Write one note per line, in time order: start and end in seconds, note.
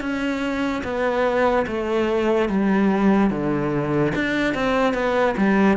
0.00 0.82 C#4
0.83 1.66 B3
1.67 2.48 A3
2.48 3.30 G3
3.30 4.12 D3
4.15 4.54 D4
4.54 4.93 C4
4.93 5.34 B3
5.36 5.77 G3